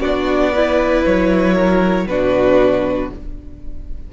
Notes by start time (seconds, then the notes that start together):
0.00 B3 D4 F#4 D5
0.52 E4 B4
1.05 F#3 C#5
1.54 A#4
2.07 B2 D4 F#4 B4